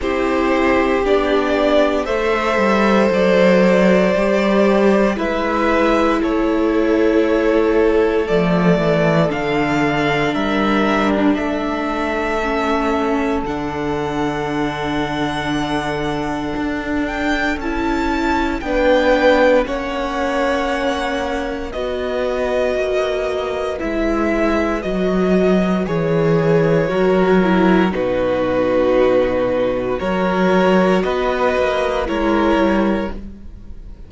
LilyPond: <<
  \new Staff \with { instrumentName = "violin" } { \time 4/4 \tempo 4 = 58 c''4 d''4 e''4 d''4~ | d''4 e''4 cis''2 | d''4 f''4 e''8. d'16 e''4~ | e''4 fis''2.~ |
fis''8 g''8 a''4 g''4 fis''4~ | fis''4 dis''2 e''4 | dis''4 cis''2 b'4~ | b'4 cis''4 dis''4 cis''4 | }
  \new Staff \with { instrumentName = "violin" } { \time 4/4 g'2 c''2~ | c''4 b'4 a'2~ | a'2 ais'4 a'4~ | a'1~ |
a'2 b'4 cis''4~ | cis''4 b'2.~ | b'2 ais'4 fis'4~ | fis'4 ais'4 b'4 ais'4 | }
  \new Staff \with { instrumentName = "viola" } { \time 4/4 e'4 d'4 a'2 | g'4 e'2. | a4 d'2. | cis'4 d'2.~ |
d'4 e'4 d'4 cis'4~ | cis'4 fis'2 e'4 | fis'4 gis'4 fis'8 e'8 dis'4~ | dis'4 fis'2 e'4 | }
  \new Staff \with { instrumentName = "cello" } { \time 4/4 c'4 b4 a8 g8 fis4 | g4 gis4 a2 | f8 e8 d4 g4 a4~ | a4 d2. |
d'4 cis'4 b4 ais4~ | ais4 b4 ais4 gis4 | fis4 e4 fis4 b,4~ | b,4 fis4 b8 ais8 gis8 g8 | }
>>